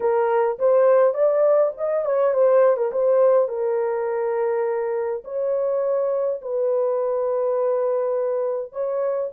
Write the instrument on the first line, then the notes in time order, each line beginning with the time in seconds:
horn
0.00 A#4
0.58 C5
1.14 D5
1.77 D#5
2.05 C#5
2.33 C5
2.77 A#4
2.92 C5
3.48 A#4
5.24 C#5
6.41 B4
8.72 C#5